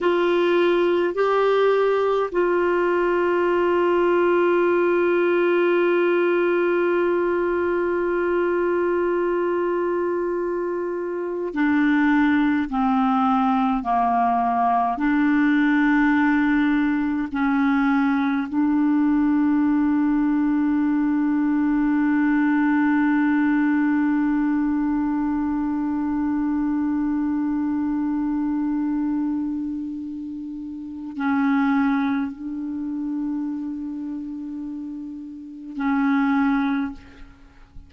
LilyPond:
\new Staff \with { instrumentName = "clarinet" } { \time 4/4 \tempo 4 = 52 f'4 g'4 f'2~ | f'1~ | f'2 d'4 c'4 | ais4 d'2 cis'4 |
d'1~ | d'1~ | d'2. cis'4 | d'2. cis'4 | }